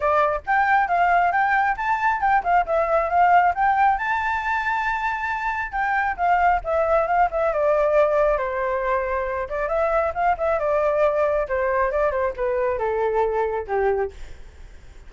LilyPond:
\new Staff \with { instrumentName = "flute" } { \time 4/4 \tempo 4 = 136 d''4 g''4 f''4 g''4 | a''4 g''8 f''8 e''4 f''4 | g''4 a''2.~ | a''4 g''4 f''4 e''4 |
f''8 e''8 d''2 c''4~ | c''4. d''8 e''4 f''8 e''8 | d''2 c''4 d''8 c''8 | b'4 a'2 g'4 | }